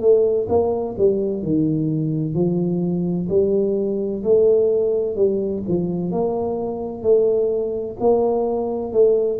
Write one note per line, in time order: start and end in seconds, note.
0.00 0.47 A3
0.49 0.95 A#3
0.98 1.43 G3
1.43 2.34 D#3
2.34 3.28 F3
3.29 4.23 G3
4.24 5.16 A3
5.16 5.62 G3
5.68 6.12 F3
6.12 7.03 A#3
7.03 7.96 A3
8.00 8.93 A#3
8.93 9.40 A3